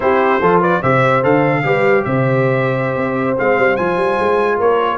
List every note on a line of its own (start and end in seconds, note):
0.00 0.40 C4
0.00 0.41 E4
0.00 0.41 G4
0.00 0.61 C5
0.41 0.82 F3
0.41 0.83 F4
0.41 0.60 A4
0.60 0.80 B4
0.60 0.82 D5
0.81 1.23 C3
0.81 1.23 G4
0.81 1.62 C5
0.81 1.23 E5
1.23 1.64 D3
1.23 1.63 A4
1.23 2.04 F5
1.63 2.05 G3
1.63 3.36 G4
1.63 2.05 B4
2.04 2.95 C3
2.04 4.57 C5
2.04 3.37 E5
2.95 3.36 C4
3.36 3.57 G#3
3.36 3.77 C4
3.36 3.76 F5
3.57 3.78 G3
3.76 3.97 F3
3.76 4.97 F4
3.76 4.58 G#5
3.97 4.17 G3
4.19 4.60 G#3
4.57 4.97 A#3
4.57 4.97 A#4
4.57 4.97 C#5